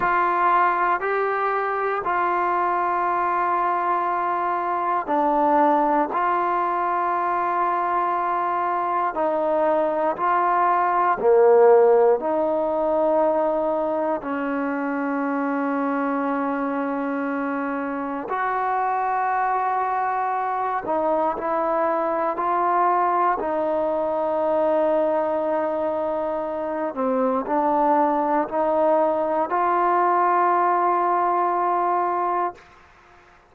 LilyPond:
\new Staff \with { instrumentName = "trombone" } { \time 4/4 \tempo 4 = 59 f'4 g'4 f'2~ | f'4 d'4 f'2~ | f'4 dis'4 f'4 ais4 | dis'2 cis'2~ |
cis'2 fis'2~ | fis'8 dis'8 e'4 f'4 dis'4~ | dis'2~ dis'8 c'8 d'4 | dis'4 f'2. | }